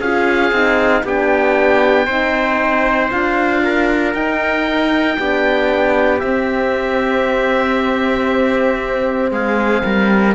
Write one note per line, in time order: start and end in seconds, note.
0.00 0.51 C#4
0.00 0.55 F4
0.00 1.03 G#4
0.00 1.05 F5
0.51 1.03 C4
0.51 1.06 D#4
1.04 2.07 B3
1.04 2.08 D4
1.04 2.06 G4
1.04 3.11 G5
2.06 3.11 C4
2.06 3.10 D#4
2.06 3.61 C5
3.10 4.14 D4
3.10 4.14 F4
3.10 4.14 F5
3.63 5.18 A#4
4.14 5.17 D#4
4.14 6.20 G5
5.18 6.22 B3
5.18 6.21 D4
5.18 9.33 G4
6.20 10.35 C4
6.20 9.31 C4
6.20 9.30 E5
9.31 9.83 G#3
9.31 9.83 G#4
9.31 10.35 F5
9.83 10.35 G3
9.83 10.35 A#4